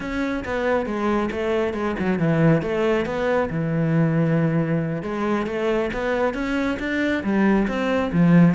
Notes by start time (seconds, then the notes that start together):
0.00 C#4
0.45 B3
0.85 G#3
1.31 A3
1.73 G#3
1.99 F#3
2.18 E3
2.62 A3
3.05 B3
3.50 E3
5.02 G#3
5.46 A3
5.93 B3
6.34 C#4
6.79 D4
7.23 G3
7.67 C4
8.12 F3